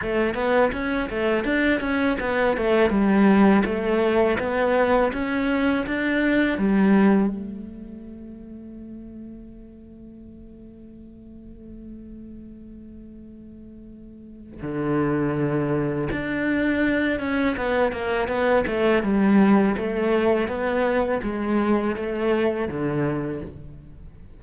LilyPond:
\new Staff \with { instrumentName = "cello" } { \time 4/4 \tempo 4 = 82 a8 b8 cis'8 a8 d'8 cis'8 b8 a8 | g4 a4 b4 cis'4 | d'4 g4 a2~ | a1~ |
a1 | d2 d'4. cis'8 | b8 ais8 b8 a8 g4 a4 | b4 gis4 a4 d4 | }